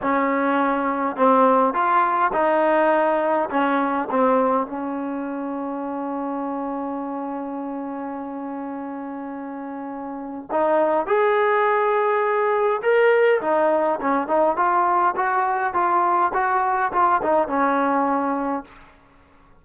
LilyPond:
\new Staff \with { instrumentName = "trombone" } { \time 4/4 \tempo 4 = 103 cis'2 c'4 f'4 | dis'2 cis'4 c'4 | cis'1~ | cis'1~ |
cis'2 dis'4 gis'4~ | gis'2 ais'4 dis'4 | cis'8 dis'8 f'4 fis'4 f'4 | fis'4 f'8 dis'8 cis'2 | }